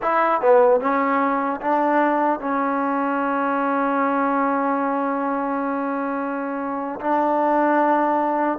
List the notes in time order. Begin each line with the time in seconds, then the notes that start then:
0.02 E4
0.41 B3
0.80 C#4
1.60 D4
2.40 C#4
7.00 D4